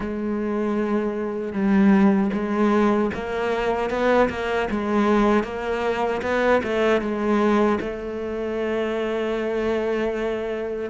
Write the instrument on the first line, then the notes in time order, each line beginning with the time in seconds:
cello
0.00 G#3
1.52 G3
2.33 G#3
3.14 A#3
3.90 B3
4.29 A#3
4.70 G#3
5.43 A#3
6.22 B3
6.63 A3
7.01 G#3
7.80 A3